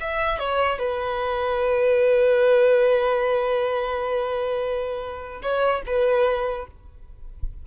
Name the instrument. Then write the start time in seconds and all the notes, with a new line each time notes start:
violin
0.00 E5
0.39 C#5
0.79 B4
5.42 C#5
5.86 B4